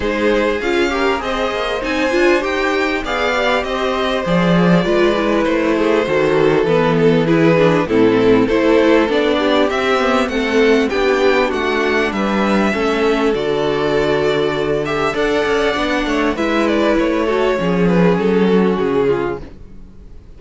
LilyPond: <<
  \new Staff \with { instrumentName = "violin" } { \time 4/4 \tempo 4 = 99 c''4 f''4 dis''4 gis''4 | g''4 f''4 dis''4 d''4~ | d''4 c''2 b'8 a'8 | b'4 a'4 c''4 d''4 |
e''4 fis''4 g''4 fis''4 | e''2 d''2~ | d''8 e''8 fis''2 e''8 d''8 | cis''4. b'8 a'4 gis'4 | }
  \new Staff \with { instrumentName = "violin" } { \time 4/4 gis'4. ais'8 c''2~ | c''4 d''4 c''2 | b'4. gis'8 a'2 | gis'4 e'4 a'4. g'8~ |
g'4 a'4 g'4 fis'4 | b'4 a'2.~ | a'4 d''4. cis''8 b'4~ | b'8 a'8 gis'4. fis'4 f'8 | }
  \new Staff \with { instrumentName = "viola" } { \time 4/4 dis'4 f'8 g'8 gis'4 dis'8 f'8 | g'4 gis'8 g'4. gis'4 | f'8 e'4. fis'4 b4 | e'8 d'8 c'4 e'4 d'4 |
c'8 b8 c'4 d'2~ | d'4 cis'4 fis'2~ | fis'8 g'8 a'4 d'4 e'4~ | e'8 fis'8 cis'2. | }
  \new Staff \with { instrumentName = "cello" } { \time 4/4 gis4 cis'4 c'8 ais8 c'8 d'8 | dis'4 b4 c'4 f4 | gis4 a4 dis4 e4~ | e4 a,4 a4 b4 |
c'4 a4 b4 a4 | g4 a4 d2~ | d4 d'8 cis'8 b8 a8 gis4 | a4 f4 fis4 cis4 | }
>>